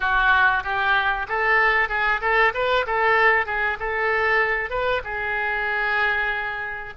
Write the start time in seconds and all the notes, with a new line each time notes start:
0.00 F#4
0.63 G4
1.28 A4
1.88 G#4
2.21 A4
2.54 B4
2.86 A4
3.46 G#4
3.79 A4
4.69 B4
5.04 G#4